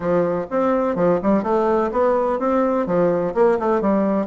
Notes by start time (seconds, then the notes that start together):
0.00 F3
0.50 C4
0.95 F3
1.22 G3
1.43 A3
1.91 B3
2.39 C4
2.86 F3
3.34 A#3
3.59 A3
3.81 G3